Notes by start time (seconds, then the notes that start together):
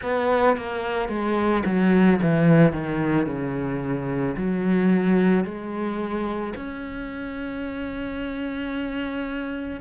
0.02 B3
0.57 A#3
1.09 G#3
1.65 F#3
2.21 E3
2.72 D#3
3.26 C#3
4.36 F#3
5.44 G#3
6.56 C#4